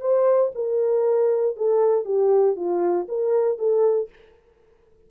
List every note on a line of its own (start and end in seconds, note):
0.00 0.51 C5
0.54 1.56 A#4
1.56 2.05 A4
2.05 2.55 G4
2.56 3.06 F4
3.08 3.58 A#4
3.58 4.09 A4